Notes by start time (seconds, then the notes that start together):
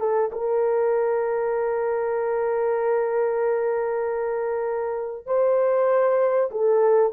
0.00 A4
0.33 A#4
5.27 C5
6.51 A4